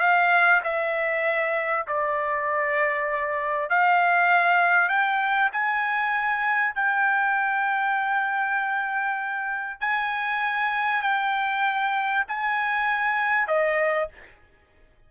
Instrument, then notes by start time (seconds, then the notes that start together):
trumpet
0.00 F5
0.64 E5
1.87 D5
3.70 F5
4.89 G5
5.52 G#5
6.75 G5
9.80 G#5
11.02 G5
12.28 G#5
13.47 D#5